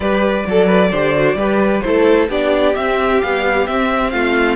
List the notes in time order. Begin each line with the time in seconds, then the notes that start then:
0.00 G3 G4 B4 D5
0.46 F#3 A4
0.66 B4
0.90 D3 G4 C5
1.14 F#4
1.34 G3 G4 B4
1.81 A3 E4 A4 C5
2.28 B3 D4 G4 D5
2.75 C4 E5
3.21 G3 B3 F5
3.66 C4 E5
4.10 A3 F4 F5